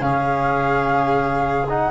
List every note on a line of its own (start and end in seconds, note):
0.00 1.90 C#3
0.00 1.67 C#4
0.00 1.90 G#4
0.00 1.67 F5
1.68 1.90 D#4
1.68 1.90 F#5